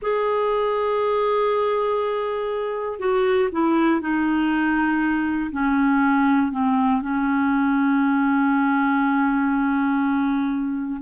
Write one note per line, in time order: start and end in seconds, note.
0.02 2.99 G#4
2.99 3.49 F#4
3.52 4.00 E4
4.00 5.50 D#4
5.51 6.51 C#4
6.51 7.01 C4
7.01 11.01 C#4